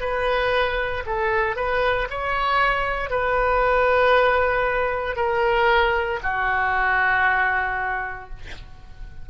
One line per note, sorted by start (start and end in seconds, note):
0.00 1.03 B4
1.06 1.56 A4
1.56 2.08 B4
2.10 3.10 C#5
3.10 5.16 B4
5.16 6.19 A#4
6.23 8.29 F#4